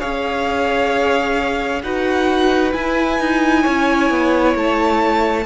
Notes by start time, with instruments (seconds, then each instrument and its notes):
0.00 cello C#4, viola G#4, violin C#5 F5
1.83 cello D#4, viola F#4, violin B4 F#5
2.72 viola E4, cello E4, violin G#5
3.20 cello D#4
3.63 cello C#4, violin C#5
4.10 cello B3
4.55 cello A3, violin A5